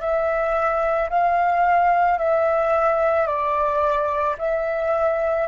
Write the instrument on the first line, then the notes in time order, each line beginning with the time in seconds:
flute
0.00 E5
1.09 F5
2.18 E5
3.26 D5
4.38 E5